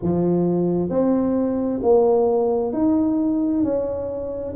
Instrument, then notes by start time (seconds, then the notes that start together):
tuba
0.02 F3
0.89 C4
1.82 A#3
2.72 D#4
3.63 C#4